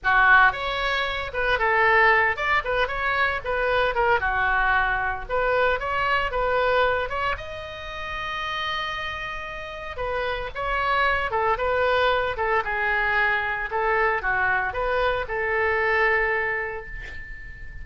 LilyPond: \new Staff \with { instrumentName = "oboe" } { \time 4/4 \tempo 4 = 114 fis'4 cis''4. b'8 a'4~ | a'8 d''8 b'8 cis''4 b'4 ais'8 | fis'2 b'4 cis''4 | b'4. cis''8 dis''2~ |
dis''2. b'4 | cis''4. a'8 b'4. a'8 | gis'2 a'4 fis'4 | b'4 a'2. | }